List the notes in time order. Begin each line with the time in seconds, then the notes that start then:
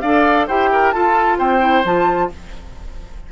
0.00 D4 A4 D5 F5
0.47 E4 G4 C5 G5
0.72 A#4
0.91 F4 A4 A5
1.38 C4 C5 G5
1.60 E4
1.85 F3 F4 A5